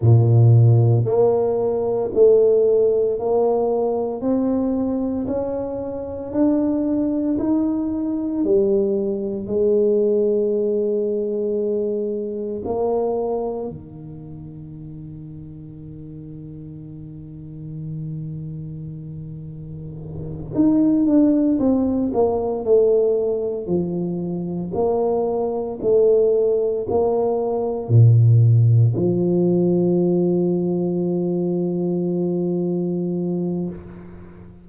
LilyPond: \new Staff \with { instrumentName = "tuba" } { \time 4/4 \tempo 4 = 57 ais,4 ais4 a4 ais4 | c'4 cis'4 d'4 dis'4 | g4 gis2. | ais4 dis2.~ |
dis2.~ dis8 dis'8 | d'8 c'8 ais8 a4 f4 ais8~ | ais8 a4 ais4 ais,4 f8~ | f1 | }